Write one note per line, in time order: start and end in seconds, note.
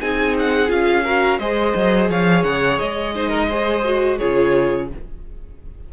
0.00 0.69 C4
0.00 0.67 D#4
0.00 1.03 G#4
0.00 0.35 G#5
0.38 0.70 F#5
0.67 1.38 C#4
0.67 1.02 F4
0.67 1.38 F5
1.03 1.40 F#4
1.03 1.38 A#4
1.38 1.73 G#3
1.38 3.15 G#4
1.38 2.09 C5
1.38 2.08 D#5
1.75 2.09 F#3
2.09 2.43 F3
2.09 3.14 C#5
2.09 2.43 F5
2.43 2.78 C#3
2.43 2.78 F#5
2.78 4.20 G#3
2.78 4.18 D#5
3.14 3.50 D#4
3.14 3.29 C5
3.29 3.46 A#4
3.48 3.84 G#4
3.48 4.18 C5
3.84 4.19 F#4
4.18 4.93 C#3
4.18 4.89 F4
4.18 4.87 G#4
4.18 4.88 C#5